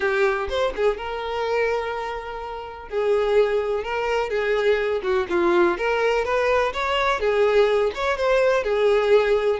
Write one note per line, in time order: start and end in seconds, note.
0.00 0.48 G4
0.49 0.73 C5
0.75 0.97 G#4
0.97 2.88 A#4
2.88 3.83 G#4
3.83 4.29 A#4
4.29 5.01 G#4
5.02 5.26 F#4
5.29 5.77 F4
5.77 6.24 A#4
6.24 6.72 B4
6.73 7.20 C#5
7.20 7.92 G#4
7.94 8.17 C#5
8.17 8.63 C5
8.63 9.59 G#4